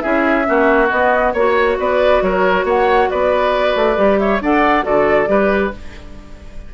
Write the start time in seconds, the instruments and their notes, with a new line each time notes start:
0.00 bassoon C#4, clarinet E4, oboe G#4, flute E5
0.44 bassoon A#3, clarinet C#4, oboe F#4
0.90 bassoon B3, clarinet B3, flute D#5
1.33 bassoon A#3, clarinet F#4, oboe C#5, flute C#5
1.78 bassoon B3, oboe B4, flute D5
2.22 bassoon F#3, oboe A#4, flute C#5
2.64 bassoon A#3, oboe C#5, flute F#5
3.10 bassoon B3, oboe B4, flute D5
3.75 bassoon A3
3.96 bassoon G3, clarinet G4
4.19 oboe C#5, flute E5
4.41 bassoon D4, clarinet A4, oboe D5, flute F#5
4.83 bassoon D3, clarinet F#4, oboe A4, flute D5
5.27 bassoon G3, clarinet G4, oboe B4